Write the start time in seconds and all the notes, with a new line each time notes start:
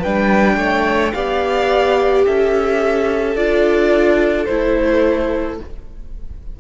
0.00 G3 D4 B4 G5
0.57 A3 C#5
1.13 B3 G4 D5 F5
2.26 C#4 A4 E5
3.36 D4 F4 D5
4.45 A3 E4 C5